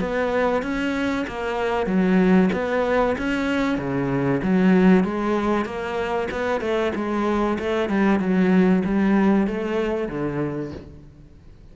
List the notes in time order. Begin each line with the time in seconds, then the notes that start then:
0.00 B3
0.62 C#4
1.27 A#3
1.86 F#3
2.53 B3
3.18 C#4
3.78 C#3
4.43 F#3
5.04 G#3
5.65 A#3
6.31 B3
6.61 A3
6.95 G#3
7.59 A3
7.89 G3
8.19 F#3
8.85 G3
9.47 A3
10.09 D3